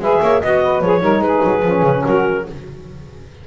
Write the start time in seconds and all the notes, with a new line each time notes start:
0.00 G#3 G#4 B4 E5
0.21 A#3 C#5
0.42 B3 F#4 D#5
0.61 B4
0.81 F3 G#4 C#5
1.00 G3 D#4 A#4
1.20 G#3 G#4 B4
1.43 F#3
1.63 F3 C#4
1.83 C#3
2.04 F#3 F#4 A#4